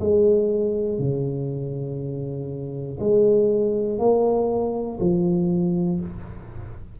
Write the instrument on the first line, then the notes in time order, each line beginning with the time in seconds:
tuba
0.00 G#3
0.99 C#3
3.00 G#3
3.99 A#3
5.00 F3